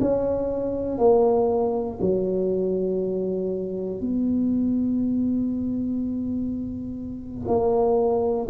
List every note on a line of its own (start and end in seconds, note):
0.00 0.98 C#4
0.98 1.98 A#3
2.00 4.00 F#3
4.00 7.48 B3
7.48 8.48 A#3